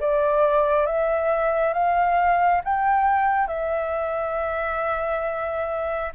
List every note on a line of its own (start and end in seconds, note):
0.00 0.86 D5
0.86 1.73 E5
1.73 2.61 F5
2.64 3.47 G5
3.47 6.12 E5